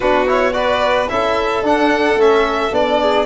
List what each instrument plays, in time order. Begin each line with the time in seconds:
0.00 tuba B3, trombone D4, violin F#4 B4
0.27 trombone E4, violin C#5
0.53 trombone F#4, violin B4 D5
1.09 tuba C#4, trombone E4, violin A4 E5
1.62 tuba D4, trombone D4, violin F#5
2.15 tuba A3, trombone C#4, violin E5
2.71 tuba B3, trombone D4, violin D5
3.01 violin G#4